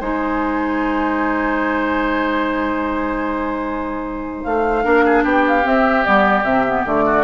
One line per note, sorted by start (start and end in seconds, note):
0.00 4.44 G#3
0.00 4.83 D#4
0.00 4.83 C5
0.00 4.44 G#5
4.44 4.85 A3
4.44 5.24 F5
4.83 5.24 A#3
4.83 5.64 D4
4.83 5.04 A#4
5.06 5.24 G#4
5.24 5.64 B3
5.24 7.05 G4
5.24 5.46 G5
5.48 5.68 F5
5.64 6.04 C4
5.64 6.05 C4
5.64 6.05 E5
6.05 6.44 G3
6.05 6.45 B3
6.05 6.44 D5
6.44 6.84 C3
6.44 6.66 C4
6.44 6.84 E5
6.67 6.86 B3
6.86 7.24 D3
6.86 7.24 A3
6.86 7.24 D5
7.05 7.24 F#4